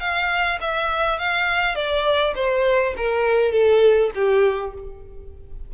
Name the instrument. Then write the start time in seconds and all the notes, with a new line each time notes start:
violin
0.00 F5
0.60 E5
1.18 F5
1.75 D5
2.35 C5
2.97 A#4
3.52 A4
4.15 G4